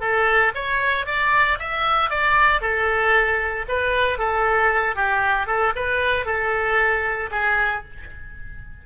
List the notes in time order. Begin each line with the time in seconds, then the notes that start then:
0.00 A4
0.55 C#5
1.06 D5
1.59 E5
2.10 D5
2.61 A4
3.68 B4
4.18 A4
4.95 G4
5.46 A4
5.75 B4
6.25 A4
7.31 G#4